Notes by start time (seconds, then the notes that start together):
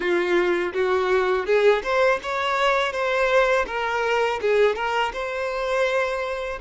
0.00 F4
0.73 F#4
1.46 G#4
1.83 C5
2.22 C#5
2.92 C5
3.66 A#4
4.41 G#4
4.75 A#4
5.13 C5